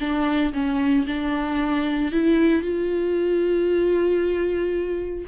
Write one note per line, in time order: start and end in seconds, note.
0.00 0.53 D4
0.53 1.06 C#4
1.07 2.12 D4
2.12 2.62 E4
2.62 5.25 F4